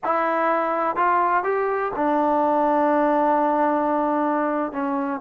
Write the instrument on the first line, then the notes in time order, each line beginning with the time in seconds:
trombone
0.04 E4
0.96 F4
1.43 G4
1.95 D4
4.72 C#4